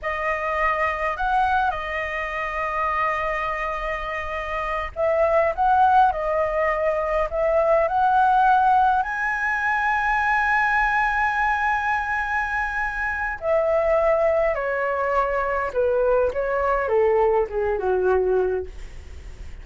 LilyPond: \new Staff \with { instrumentName = "flute" } { \time 4/4 \tempo 4 = 103 dis''2 fis''4 dis''4~ | dis''1~ | dis''8 e''4 fis''4 dis''4.~ | dis''8 e''4 fis''2 gis''8~ |
gis''1~ | gis''2. e''4~ | e''4 cis''2 b'4 | cis''4 a'4 gis'8 fis'4. | }